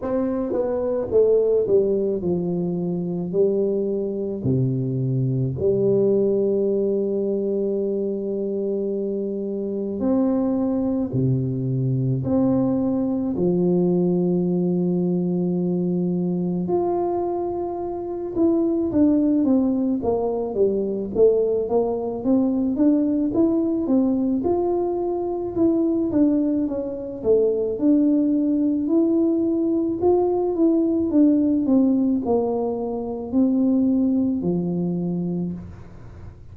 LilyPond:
\new Staff \with { instrumentName = "tuba" } { \time 4/4 \tempo 4 = 54 c'8 b8 a8 g8 f4 g4 | c4 g2.~ | g4 c'4 c4 c'4 | f2. f'4~ |
f'8 e'8 d'8 c'8 ais8 g8 a8 ais8 | c'8 d'8 e'8 c'8 f'4 e'8 d'8 | cis'8 a8 d'4 e'4 f'8 e'8 | d'8 c'8 ais4 c'4 f4 | }